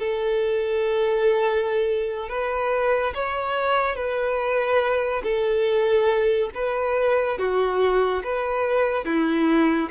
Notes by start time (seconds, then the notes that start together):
0.00 A4
2.29 B4
3.15 C#5
3.96 B4
5.24 A4
6.55 B4
7.39 F#4
8.24 B4
9.06 E4